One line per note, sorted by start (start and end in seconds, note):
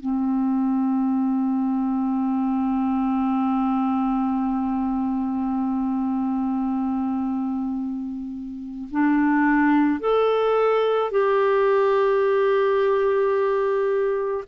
0.00 8.89 C4
8.91 10.00 D4
10.00 11.11 A4
11.11 14.44 G4